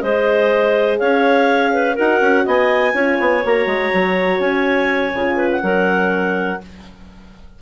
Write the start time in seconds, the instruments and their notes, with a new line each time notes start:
0.00 bassoon G#3, horn G#4, clarinet C5 D#5
0.99 bassoon C#4, clarinet C#5 F5
1.73 clarinet B4
1.95 bassoon D#4, horn F#4, clarinet A#4 F#5
2.21 bassoon C#4
2.44 bassoon B3, clarinet D#5 G#5
2.93 bassoon C#4, horn F4, clarinet C#5
3.20 bassoon B3
3.43 bassoon A#3, horn F#4, clarinet A#5
3.66 bassoon G#3
3.93 bassoon F#3
4.39 bassoon C#4, clarinet G#5
5.14 bassoon C#3, horn F4
5.36 clarinet B4
5.51 clarinet F#5
5.62 bassoon F#3, horn C#4, clarinet A#4